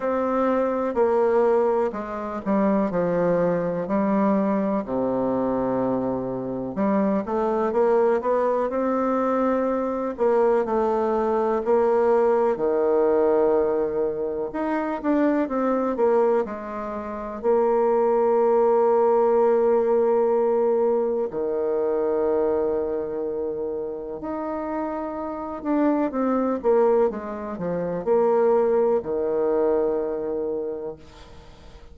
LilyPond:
\new Staff \with { instrumentName = "bassoon" } { \time 4/4 \tempo 4 = 62 c'4 ais4 gis8 g8 f4 | g4 c2 g8 a8 | ais8 b8 c'4. ais8 a4 | ais4 dis2 dis'8 d'8 |
c'8 ais8 gis4 ais2~ | ais2 dis2~ | dis4 dis'4. d'8 c'8 ais8 | gis8 f8 ais4 dis2 | }